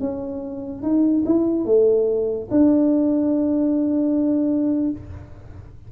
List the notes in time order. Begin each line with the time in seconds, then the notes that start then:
0.00 C#4
0.82 D#4
1.26 E4
1.65 A3
2.51 D4